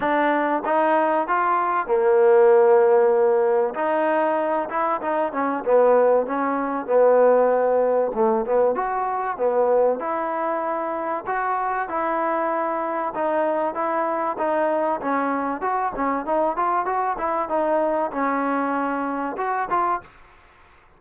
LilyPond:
\new Staff \with { instrumentName = "trombone" } { \time 4/4 \tempo 4 = 96 d'4 dis'4 f'4 ais4~ | ais2 dis'4. e'8 | dis'8 cis'8 b4 cis'4 b4~ | b4 a8 b8 fis'4 b4 |
e'2 fis'4 e'4~ | e'4 dis'4 e'4 dis'4 | cis'4 fis'8 cis'8 dis'8 f'8 fis'8 e'8 | dis'4 cis'2 fis'8 f'8 | }